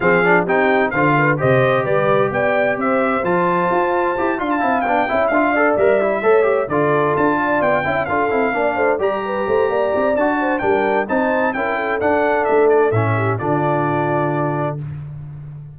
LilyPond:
<<
  \new Staff \with { instrumentName = "trumpet" } { \time 4/4 \tempo 4 = 130 f''4 g''4 f''4 dis''4 | d''4 g''4 e''4 a''4~ | a''4. c'''16 a''8. g''4 f''8~ | f''8 e''2 d''4 a''8~ |
a''8 g''4 f''2 ais''8~ | ais''2 a''4 g''4 | a''4 g''4 fis''4 e''8 d''8 | e''4 d''2. | }
  \new Staff \with { instrumentName = "horn" } { \time 4/4 gis'4 g'4 c''8 b'8 c''4 | b'4 d''4 c''2~ | c''4. f''4. e''4 | d''4. cis''4 a'4. |
d''4 e''8 a'4 d''8 c''8 d''8 | b'8 c''8 d''4. c''8 ais'4 | c''4 ais'8 a'2~ a'8~ | a'8 g'8 f'2. | }
  \new Staff \with { instrumentName = "trombone" } { \time 4/4 c'8 d'8 dis'4 f'4 g'4~ | g'2. f'4~ | f'4 g'8 f'8 e'8 d'8 e'8 f'8 | a'8 ais'8 e'8 a'8 g'8 f'4.~ |
f'4 e'8 f'8 e'8 d'4 g'8~ | g'2 fis'4 d'4 | dis'4 e'4 d'2 | cis'4 d'2. | }
  \new Staff \with { instrumentName = "tuba" } { \time 4/4 f4 c'4 d4 c4 | g4 b4 c'4 f4 | f'4 e'8 d'8 c'8 b8 cis'8 d'8~ | d'8 g4 a4 d4 d'8~ |
d'8 b8 cis'8 d'8 c'8 ais8 a8 g8~ | g8 a8 ais8 c'8 d'4 g4 | c'4 cis'4 d'4 a4 | a,4 d2. | }
>>